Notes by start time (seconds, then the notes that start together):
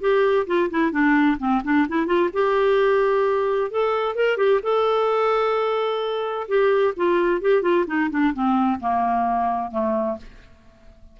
0.00 G4
0.47 F4
0.70 E4
0.91 D4
1.39 C4
1.64 D4
1.88 E4
2.06 F4
2.33 G4
3.71 A4
4.15 A#4
4.37 G4
4.62 A4
6.48 G4
6.96 F4
7.41 G4
7.62 F4
7.87 D#4
8.10 D4
8.33 C4
8.80 A#3
9.71 A3